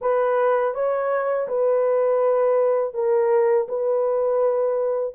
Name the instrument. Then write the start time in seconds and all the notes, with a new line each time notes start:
horn
0.01 B4
0.74 C#5
1.48 B4
2.94 A#4
3.68 B4